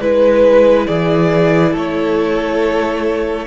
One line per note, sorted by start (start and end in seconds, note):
0.00 0.87 G#3
0.00 3.46 E4
0.00 0.86 B4
0.00 0.87 B4
0.86 1.75 E3
0.86 1.72 G#4
0.86 1.74 D5
1.72 3.46 A3
1.72 3.46 A4
1.72 3.46 C#5